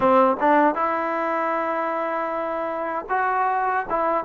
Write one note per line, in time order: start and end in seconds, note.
0.00 0.37 C4
0.40 0.74 D4
0.74 3.05 E4
3.09 3.86 F#4
3.89 4.24 E4